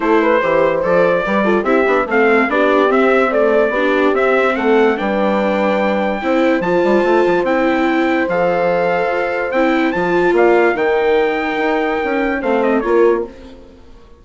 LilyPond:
<<
  \new Staff \with { instrumentName = "trumpet" } { \time 4/4 \tempo 4 = 145 c''2 d''2 | e''4 f''4 d''4 e''4 | d''2 e''4 fis''4 | g''1 |
a''2 g''2 | f''2. g''4 | a''4 f''4 g''2~ | g''2 f''8 dis''8 cis''4 | }
  \new Staff \with { instrumentName = "horn" } { \time 4/4 a'8 b'8 c''2 b'8 a'8 | g'4 a'4 g'2 | d''4 g'2 a'4 | b'2. c''4~ |
c''1~ | c''1~ | c''4 d''4 ais'2~ | ais'2 c''4 ais'4 | }
  \new Staff \with { instrumentName = "viola" } { \time 4/4 e'4 g'4 a'4 g'8 f'8 | e'8 d'8 c'4 d'4 c'4 | a4 d'4 c'2 | d'2. e'4 |
f'2 e'2 | a'2. e'4 | f'2 dis'2~ | dis'2 c'4 f'4 | }
  \new Staff \with { instrumentName = "bassoon" } { \time 4/4 a4 e4 f4 g4 | c'8 b8 a4 b4 c'4~ | c'4 b4 c'4 a4 | g2. c'4 |
f8 g8 a8 f8 c'2 | f2 f'4 c'4 | f4 ais4 dis2 | dis'4 cis'4 a4 ais4 | }
>>